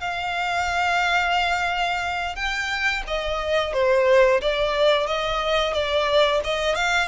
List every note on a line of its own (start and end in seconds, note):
0.00 2.35 F5
2.35 3.03 G5
3.07 3.73 D#5
3.73 4.41 C5
4.41 5.07 D5
5.07 5.73 D#5
5.73 6.40 D5
6.44 6.75 D#5
6.75 7.08 F5